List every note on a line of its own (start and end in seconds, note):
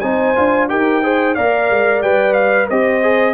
0.00 0.36 C4
0.00 0.35 D#4
0.00 0.69 C5
0.00 0.67 G#5
0.35 0.70 D4
0.35 0.68 F4
0.68 1.37 D#4
0.68 1.02 G4
0.68 1.03 A#4
0.68 1.34 G5
1.02 1.36 G#4
1.02 1.35 C5
1.34 1.70 A#3
1.34 2.03 A#4
1.34 2.68 D5
1.34 2.01 F5
1.70 2.01 G#3
2.01 2.68 G3
2.01 2.70 B4
2.01 2.33 G5
2.33 2.66 F5
2.69 3.34 C4
2.69 3.02 G4
2.69 3.34 C5
2.69 3.34 D#5
3.02 3.34 G#4